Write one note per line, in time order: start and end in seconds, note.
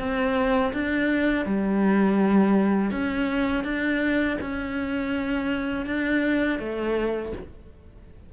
0.00 0.73 C4
0.74 1.46 D4
1.46 2.92 G3
2.92 3.65 C#4
3.65 4.38 D4
4.41 5.86 C#4
5.86 6.60 D4
6.60 7.33 A3